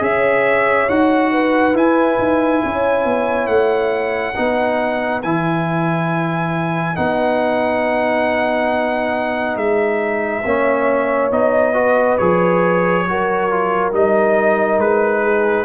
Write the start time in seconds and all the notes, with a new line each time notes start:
0.00 C#4 G#4 C#5 E5
0.89 D#4 F#4 F#5
1.32 B4
1.74 E4 G#5
2.19 D#4
2.65 C#4 C#5
3.05 B3
3.47 A3 F#5
4.36 B3 D#4 B4
5.23 E3 E4 G#5
6.96 B3 D#4 F#5
9.56 G#3 E5
10.45 A#3 C#4 C#5
11.31 B3 D#4 D#5
11.74 F#4 B4
12.18 F3 G#4 C#5
13.07 F#3 F#4 A#4
13.50 F4
13.92 G3 D#4 D#5
14.79 G#3 B4
15.22 G#4